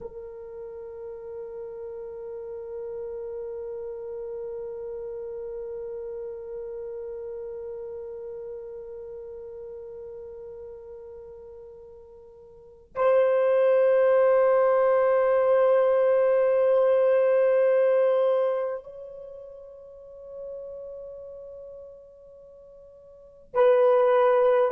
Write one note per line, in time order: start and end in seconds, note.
0.00 12.94 A#4
12.95 18.83 C5
18.83 23.53 C#5
23.53 24.71 B4